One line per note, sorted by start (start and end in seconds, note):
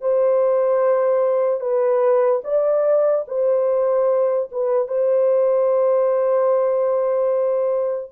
0.00 1.60 C5
1.60 2.41 B4
2.44 3.25 D5
3.27 4.49 C5
4.51 4.87 B4
4.87 8.12 C5